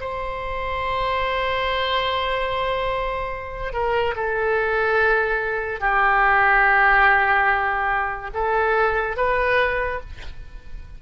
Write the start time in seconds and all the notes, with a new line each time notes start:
0.00 C5
3.73 A#4
4.16 A4
5.80 G4
8.34 A4
9.17 B4